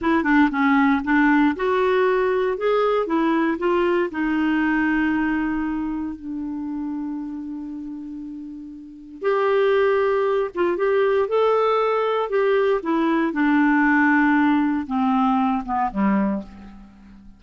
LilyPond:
\new Staff \with { instrumentName = "clarinet" } { \time 4/4 \tempo 4 = 117 e'8 d'8 cis'4 d'4 fis'4~ | fis'4 gis'4 e'4 f'4 | dis'1 | d'1~ |
d'2 g'2~ | g'8 f'8 g'4 a'2 | g'4 e'4 d'2~ | d'4 c'4. b8 g4 | }